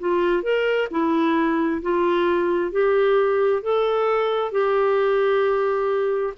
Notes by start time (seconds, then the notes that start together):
0.00 F4
0.43 A#4
0.91 E4
1.82 F4
2.72 G4
3.63 A4
4.52 G4